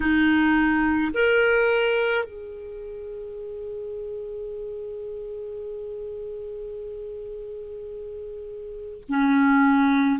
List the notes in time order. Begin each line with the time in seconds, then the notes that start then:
0.00 D#4
1.13 A#4
2.24 G#4
9.08 C#4